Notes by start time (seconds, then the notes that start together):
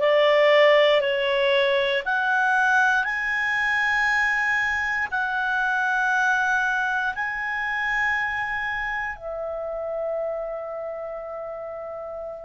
0.00 D5
1.01 C#5
2.05 F#5
3.05 G#5
5.11 F#5
7.15 G#5
9.17 E5